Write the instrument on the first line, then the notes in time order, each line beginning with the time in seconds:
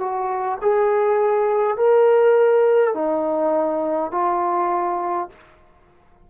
trombone
0.00 F#4
0.61 G#4
1.78 A#4
2.95 D#4
4.12 F4